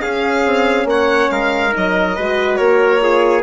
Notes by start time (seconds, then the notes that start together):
0.00 C#4 G#4 F5
0.46 C4
0.85 A#3 C#5 F#5
1.30 G#3 A#4 F5
1.71 F#3 D#4 D#5
2.15 G#3 F#4 B4
2.56 A#3 A#4 C#5
3.00 F4 G#4